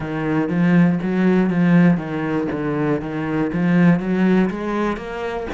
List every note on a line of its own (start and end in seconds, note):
0.00 0.48 D#3
0.48 0.98 F3
1.02 1.50 F#3
1.50 1.97 F3
1.97 2.47 D#3
2.51 3.00 D3
3.00 3.50 D#3
3.53 4.00 F3
4.00 4.50 F#3
4.50 4.96 G#3
4.96 5.46 A#3